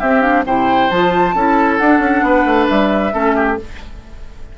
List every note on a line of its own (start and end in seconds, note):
0.00 0.22 C4
0.00 0.46 C4
0.00 0.45 G4
0.00 0.21 E5
0.21 0.44 D4
0.21 0.43 F5
0.46 0.91 C3
0.46 0.91 E4
0.46 1.36 C5
0.46 0.91 G5
0.91 1.34 F3
0.91 1.36 F4
0.91 1.78 A5
1.34 1.79 C#4
1.34 1.81 E4
1.34 2.25 A4
1.78 1.99 D4
1.78 3.12 D4
1.78 2.67 F#5
1.99 2.21 C#4
2.23 2.45 B3
2.23 3.14 B4
2.45 2.68 A3
2.68 3.13 G3
2.68 3.58 E5
3.12 3.58 A3
3.12 3.57 C#4
3.12 3.36 A4
3.36 3.58 G4